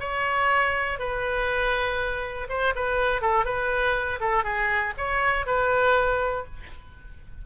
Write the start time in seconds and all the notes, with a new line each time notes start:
0.00 C#5
1.00 B4
2.50 C5
2.76 B4
3.22 A4
3.46 B4
4.21 A4
4.44 G#4
4.98 C#5
5.47 B4